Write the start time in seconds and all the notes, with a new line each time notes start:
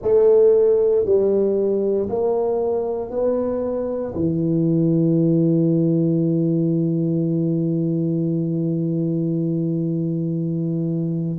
0.02 A3
1.05 G3
2.09 A#3
3.10 B3
4.14 E3